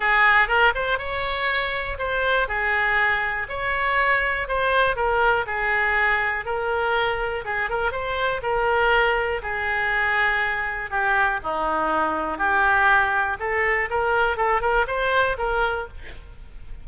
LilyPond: \new Staff \with { instrumentName = "oboe" } { \time 4/4 \tempo 4 = 121 gis'4 ais'8 c''8 cis''2 | c''4 gis'2 cis''4~ | cis''4 c''4 ais'4 gis'4~ | gis'4 ais'2 gis'8 ais'8 |
c''4 ais'2 gis'4~ | gis'2 g'4 dis'4~ | dis'4 g'2 a'4 | ais'4 a'8 ais'8 c''4 ais'4 | }